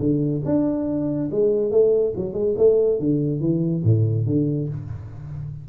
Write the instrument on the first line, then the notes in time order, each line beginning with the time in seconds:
tuba
0.00 D3
0.46 D4
1.32 G#3
1.72 A3
2.17 F#3
2.34 G#3
2.58 A3
3.00 D3
3.41 E3
3.85 A2
4.27 D3